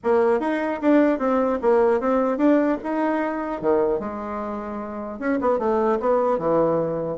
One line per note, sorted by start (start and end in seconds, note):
0.03 0.40 A#3
0.40 0.80 D#4
0.81 1.18 D4
1.18 1.58 C4
1.61 2.00 A#3
2.00 2.37 C4
2.37 2.77 D4
2.83 3.61 D#4
3.61 3.99 D#3
3.99 5.19 G#3
5.19 5.39 C#4
5.40 5.59 B3
5.59 5.99 A3
6.00 6.38 B3
6.38 7.17 E3